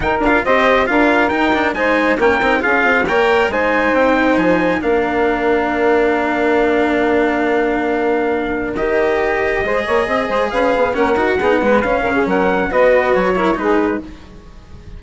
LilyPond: <<
  \new Staff \with { instrumentName = "trumpet" } { \time 4/4 \tempo 4 = 137 g''8 f''8 dis''4 f''4 g''4 | gis''4 g''4 f''4 g''4 | gis''4 g''4 gis''4 f''4~ | f''1~ |
f''1 | dis''1 | f''4 fis''2 f''4 | fis''4 dis''4 cis''4 b'4 | }
  \new Staff \with { instrumentName = "saxophone" } { \time 4/4 ais'4 c''4 ais'2 | c''4 ais'4 gis'4 cis''4 | c''2. ais'4~ | ais'1~ |
ais'1~ | ais'2 c''8 cis''8 dis''8 c''8 | b'4 ais'4 gis'8 b'4 ais'16 gis'16 | ais'4 b'4. ais'8 gis'4 | }
  \new Staff \with { instrumentName = "cello" } { \time 4/4 dis'8 f'8 g'4 f'4 dis'8 d'8 | dis'4 cis'8 dis'8 f'4 ais'4 | dis'2. d'4~ | d'1~ |
d'1 | g'2 gis'2~ | gis'4 cis'8 fis'8 dis'8 gis8 cis'4~ | cis'4 fis'4. e'8 dis'4 | }
  \new Staff \with { instrumentName = "bassoon" } { \time 4/4 dis'8 d'8 c'4 d'4 dis'4 | gis4 ais8 c'8 cis'8 c'8 ais4 | gis4 c'4 f4 ais4~ | ais1~ |
ais1 | dis2 gis8 ais8 c'8 gis8 | cis'8 b8 ais8 dis'8 b4 cis'8 cis8 | fis4 b4 fis4 gis4 | }
>>